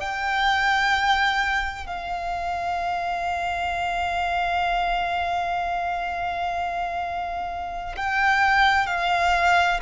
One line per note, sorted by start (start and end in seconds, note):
0.00 1.87 G5
1.87 7.96 F5
7.97 8.87 G5
8.87 9.81 F5